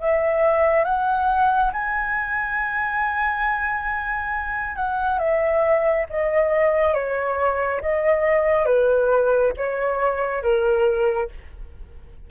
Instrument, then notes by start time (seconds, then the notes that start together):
flute
0.00 E5
0.85 F#5
1.73 G#5
4.76 F#5
5.19 E5
6.10 D#5
6.94 C#5
7.81 D#5
8.66 B4
9.57 C#5
10.42 A#4